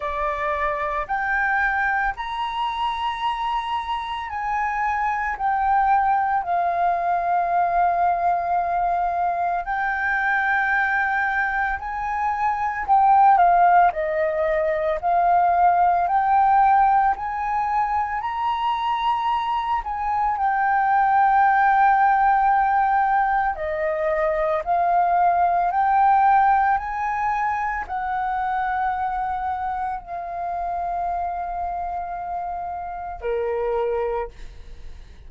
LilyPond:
\new Staff \with { instrumentName = "flute" } { \time 4/4 \tempo 4 = 56 d''4 g''4 ais''2 | gis''4 g''4 f''2~ | f''4 g''2 gis''4 | g''8 f''8 dis''4 f''4 g''4 |
gis''4 ais''4. gis''8 g''4~ | g''2 dis''4 f''4 | g''4 gis''4 fis''2 | f''2. ais'4 | }